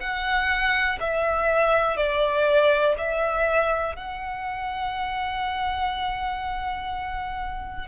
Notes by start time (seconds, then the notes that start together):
0.00 F#5
1.00 E5
1.96 D5
2.98 E5
3.96 F#5